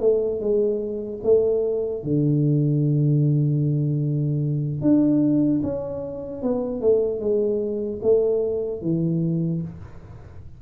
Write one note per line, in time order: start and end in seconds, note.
0.00 0.40 A3
0.40 1.20 G#3
1.23 2.03 A3
2.03 4.81 D3
4.81 5.61 D4
5.63 6.42 C#4
6.42 6.81 B3
6.81 7.20 A3
7.20 8.00 G#3
8.02 8.81 A3
8.81 9.61 E3